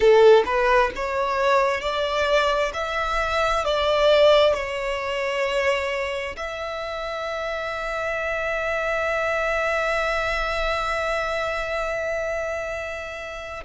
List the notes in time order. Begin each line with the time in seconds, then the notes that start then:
0.00 A4
0.45 B4
0.95 C#5
1.81 D5
2.73 E5
3.64 D5
4.54 C#5
6.36 E5